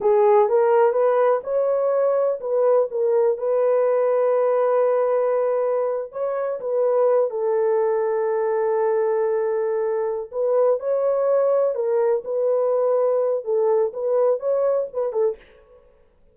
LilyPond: \new Staff \with { instrumentName = "horn" } { \time 4/4 \tempo 4 = 125 gis'4 ais'4 b'4 cis''4~ | cis''4 b'4 ais'4 b'4~ | b'1~ | b'8. cis''4 b'4. a'8.~ |
a'1~ | a'4. b'4 cis''4.~ | cis''8 ais'4 b'2~ b'8 | a'4 b'4 cis''4 b'8 a'8 | }